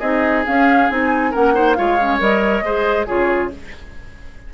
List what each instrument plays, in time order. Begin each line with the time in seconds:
0.00 bassoon C4, clarinet D#4, oboe G#4, flute D#5
0.45 clarinet C#4, bassoon C#4, flute F5
0.90 bassoon C4, clarinet D#4, flute G#5
1.32 bassoon A#3, clarinet C#4, oboe A#4, flute F#5
1.54 clarinet D#4, oboe C5
1.74 bassoon G#3, clarinet F4, oboe C#5, flute F5
2.00 clarinet C#4
2.20 bassoon G3, clarinet A#4, flute D#5
2.62 bassoon G#3, clarinet G#4, oboe C5
3.07 bassoon C#3, clarinet F4, oboe G#4, flute C#5